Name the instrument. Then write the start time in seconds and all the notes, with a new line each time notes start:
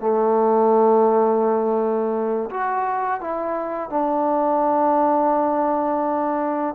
trombone
0.00 A3
2.51 F#4
3.21 E4
3.90 D4